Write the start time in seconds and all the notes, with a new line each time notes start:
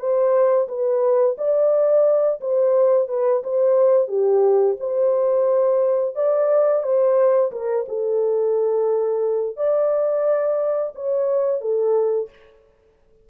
0.00 C5
0.69 B4
1.38 D5
2.41 C5
3.09 B4
3.44 C5
4.08 G4
4.80 C5
6.16 D5
6.84 C5
7.52 A#4
7.89 A4
9.57 D5
10.96 C#5
11.62 A4